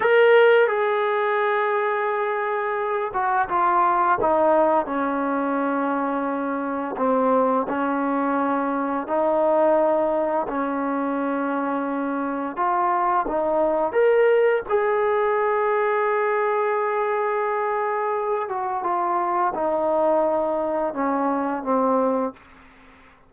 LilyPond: \new Staff \with { instrumentName = "trombone" } { \time 4/4 \tempo 4 = 86 ais'4 gis'2.~ | gis'8 fis'8 f'4 dis'4 cis'4~ | cis'2 c'4 cis'4~ | cis'4 dis'2 cis'4~ |
cis'2 f'4 dis'4 | ais'4 gis'2.~ | gis'2~ gis'8 fis'8 f'4 | dis'2 cis'4 c'4 | }